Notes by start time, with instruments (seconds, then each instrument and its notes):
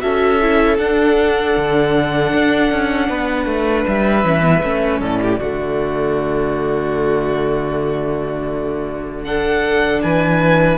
0.00 cello C#4, viola F#4, violin A4 E5
0.41 viola E4
0.78 cello D4, viola D4, violin F#5
1.57 cello D3
2.33 cello D4
2.71 cello C#4
3.09 cello B3, violin B4
3.46 cello A3
3.88 cello G3, violin E5
4.24 cello E3, viola C#4
4.42 viola B3
4.62 cello A3, viola C#4
5.00 cello A2, violin A4 D5
5.22 violin G4
5.40 cello D3, viola A3, violin F#4
9.24 viola D4, violin A4 F#5
10.02 cello E3, violin B4 G#5